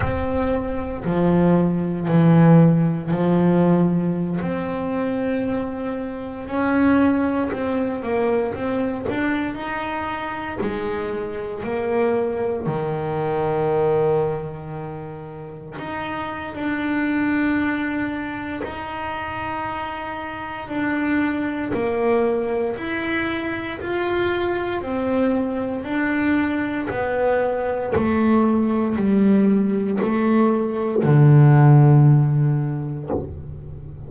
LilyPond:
\new Staff \with { instrumentName = "double bass" } { \time 4/4 \tempo 4 = 58 c'4 f4 e4 f4~ | f16 c'2 cis'4 c'8 ais16~ | ais16 c'8 d'8 dis'4 gis4 ais8.~ | ais16 dis2. dis'8. |
d'2 dis'2 | d'4 ais4 e'4 f'4 | c'4 d'4 b4 a4 | g4 a4 d2 | }